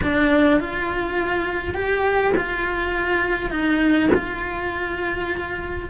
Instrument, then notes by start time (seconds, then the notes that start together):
cello
0.02 D4
0.60 F4
1.74 G4
2.36 F4
3.50 D#4
4.13 F4